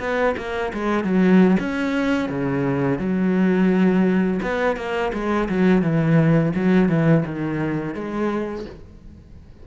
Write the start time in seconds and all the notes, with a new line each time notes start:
0.00 B3
0.38 A#3
0.73 G#3
1.04 F#3
1.60 C#4
2.29 C#3
2.99 F#3
4.42 B3
4.77 A#3
5.13 G#3
5.49 F#3
5.82 E3
6.55 F#3
6.89 E3
7.26 D#3
7.95 G#3